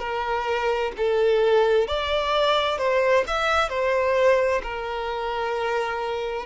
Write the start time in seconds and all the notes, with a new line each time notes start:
0.00 A#4
0.98 A4
1.88 D5
2.79 C5
3.28 E5
3.70 C5
4.63 A#4